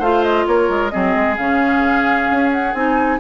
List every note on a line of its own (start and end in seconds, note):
0.00 0.46 A3
0.00 0.91 F4
0.00 0.45 C5
0.00 0.24 F5
0.24 0.47 D#5
0.47 0.70 A#3
0.47 0.93 A#4
0.47 0.90 C#5
0.70 0.92 G#3
0.90 1.16 F#3
0.90 1.37 C4
0.90 3.20 G#4
0.90 1.35 D#5
1.16 1.38 G#3
1.37 2.29 C#3
1.37 2.75 C#4
1.37 2.51 F5
2.31 2.74 C#4
2.52 2.74 F#5
2.74 3.20 C4
2.74 3.20 D#4
2.74 3.20 G#5